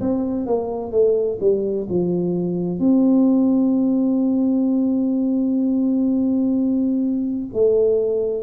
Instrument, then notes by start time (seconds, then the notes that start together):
tuba
0.00 C4
0.46 A#3
0.91 A3
1.40 G3
1.89 F3
2.79 C4
7.53 A3